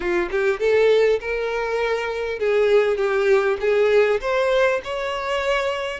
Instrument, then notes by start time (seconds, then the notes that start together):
violin
0.00 F4
0.31 G4
0.59 A4
1.20 A#4
2.39 G#4
2.97 G4
3.60 G#4
4.20 C5
4.84 C#5